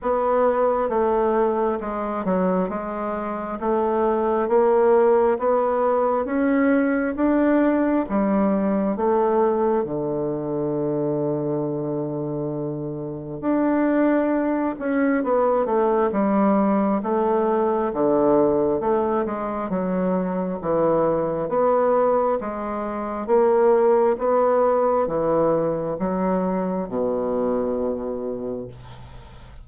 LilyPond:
\new Staff \with { instrumentName = "bassoon" } { \time 4/4 \tempo 4 = 67 b4 a4 gis8 fis8 gis4 | a4 ais4 b4 cis'4 | d'4 g4 a4 d4~ | d2. d'4~ |
d'8 cis'8 b8 a8 g4 a4 | d4 a8 gis8 fis4 e4 | b4 gis4 ais4 b4 | e4 fis4 b,2 | }